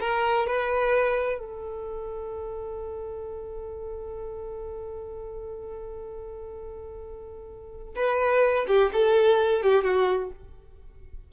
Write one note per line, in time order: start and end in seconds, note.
0.00 0.47 A#4
0.47 1.39 B4
1.39 7.95 A4
7.96 8.66 B4
8.68 8.91 G4
8.93 9.63 A4
9.63 9.84 G4
9.84 10.31 F#4